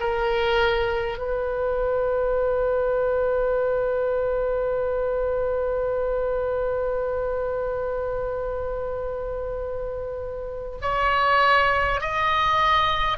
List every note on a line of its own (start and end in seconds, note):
0.00 1.18 A#4
1.18 10.78 B4
10.82 12.01 C#5
12.01 13.18 D#5